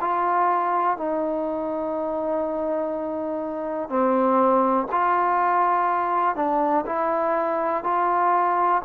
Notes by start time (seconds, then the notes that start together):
0.00 F4
0.97 D#4
3.89 C4
4.91 F4
6.35 D4
6.86 E4
7.83 F4